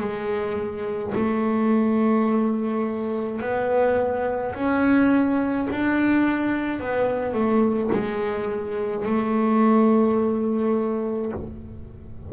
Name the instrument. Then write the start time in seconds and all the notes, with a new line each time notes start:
double bass
0.00 G#3
1.15 A3
3.41 B3
4.54 C#4
5.70 D4
6.80 B3
7.34 A3
7.92 G#3
9.06 A3